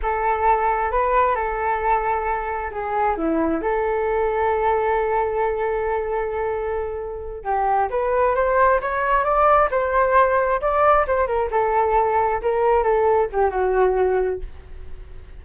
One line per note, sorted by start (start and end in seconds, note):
0.02 0.91 A4
0.91 1.35 B4
1.35 2.70 A4
2.71 3.16 G#4
3.16 3.61 E4
3.61 7.44 A4
7.44 7.89 G4
7.90 8.35 B4
8.35 8.80 C5
8.81 9.24 C#5
9.24 9.69 D5
9.70 10.61 C5
10.61 11.06 D5
11.07 11.27 C5
11.27 11.49 A#4
11.51 12.41 A4
12.42 12.83 A#4
12.83 13.28 A4
13.32 13.50 G4
13.50 14.40 F#4